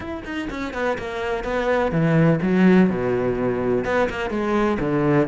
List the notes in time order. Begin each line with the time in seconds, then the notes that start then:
0.00 E4
0.24 D#4
0.49 C#4
0.73 B3
0.98 A#3
1.44 B3
1.91 E3
2.42 F#3
2.89 B2
3.84 B3
4.09 A#3
4.30 G#3
4.79 D3